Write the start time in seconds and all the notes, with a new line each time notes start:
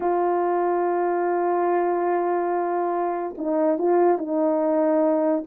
0.00 F4
3.37 D#4
3.78 F4
4.17 D#4